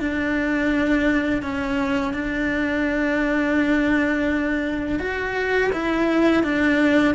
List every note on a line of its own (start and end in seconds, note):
0.00 1.43 D4
1.43 2.14 C#4
2.14 5.00 D4
5.00 5.71 F#4
5.73 6.44 E4
6.44 7.15 D4